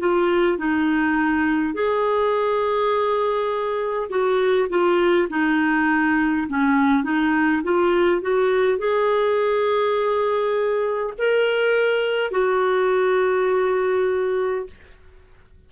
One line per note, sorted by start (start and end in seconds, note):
0.00 0.58 F4
0.58 1.74 D#4
1.74 4.10 G#4
4.10 4.69 F#4
4.70 5.28 F4
5.30 6.48 D#4
6.49 7.04 C#4
7.04 7.63 D#4
7.64 8.22 F4
8.22 8.79 F#4
8.79 11.14 G#4
11.19 12.32 A#4
12.32 14.67 F#4